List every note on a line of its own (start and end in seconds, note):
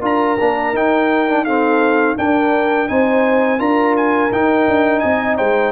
0.00 0.37 D4
0.00 0.37 F4
0.00 1.43 A#4
0.00 0.76 A#5
0.39 0.73 A#3
0.39 0.75 D4
0.73 2.16 D#4
0.73 1.28 D#4
0.73 1.44 G5
1.28 1.46 D4
1.44 2.17 C4
1.44 2.16 A4
1.44 2.16 F5
2.17 2.88 D4
2.17 2.89 D4
2.17 2.89 A#4
2.17 2.88 G5
2.88 3.59 C4
2.88 3.58 D#4
2.88 3.59 C5
2.88 3.60 G#5
3.58 4.31 D4
3.58 4.30 F4
3.58 5.02 A#4
3.58 3.95 A#5
3.96 4.32 G#5
4.31 4.67 D#4
4.31 5.72 D#4
4.31 4.99 G5
4.67 5.03 D4
4.99 5.39 C4
4.99 5.37 D#5
4.99 5.35 G#5
5.37 5.72 G#3
5.37 5.72 C5
5.37 5.72 G5